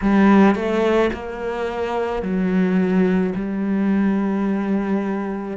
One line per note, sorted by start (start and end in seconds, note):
0.01 0.55 G3
0.55 1.10 A3
1.13 2.22 A#3
2.22 3.33 F#3
3.35 5.57 G3